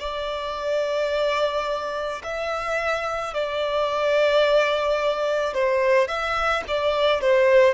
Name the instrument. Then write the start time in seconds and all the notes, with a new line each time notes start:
violin
0.00 D5
2.23 E5
3.34 D5
5.54 C5
6.08 E5
6.68 D5
7.21 C5